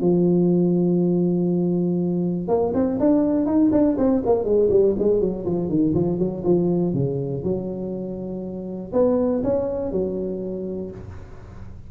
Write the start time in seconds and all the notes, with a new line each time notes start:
0.00 F3
2.48 A#3
2.74 C4
3.00 D4
3.46 D#4
3.72 D4
3.97 C4
4.25 A#3
4.44 G#3
4.70 G3
4.99 G#3
5.20 F#3
5.45 F3
5.69 D#3
5.94 F3
6.18 F#3
6.44 F3
6.93 C#3
7.43 F#3
8.93 B3
9.43 C#4
9.91 F#3